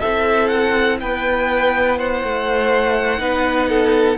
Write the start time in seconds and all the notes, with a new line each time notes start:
0.00 C4 E4 A4 E5
0.48 F#5
1.00 B3 B4 G5
1.98 C5 F#5
2.23 A3
3.18 B3 D#4 B4
3.69 A4